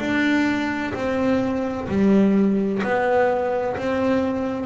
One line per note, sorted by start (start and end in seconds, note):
0.00 0.94 D4
0.95 1.88 C4
1.89 2.83 G3
2.83 3.77 B3
3.78 4.66 C4